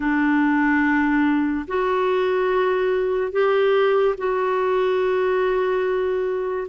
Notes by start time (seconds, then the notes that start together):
0.00 D4
1.67 F#4
3.31 G4
4.17 F#4